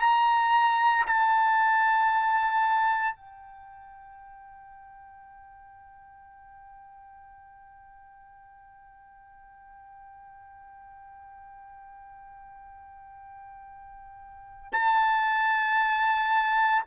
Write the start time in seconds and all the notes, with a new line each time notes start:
0.00 A#5
1.06 A5
3.15 G5
14.72 A5